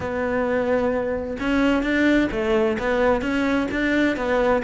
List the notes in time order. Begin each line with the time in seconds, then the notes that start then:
0.00 B3
1.40 C#4
1.82 D4
2.31 A3
2.78 B3
3.21 C#4
3.71 D4
4.16 B3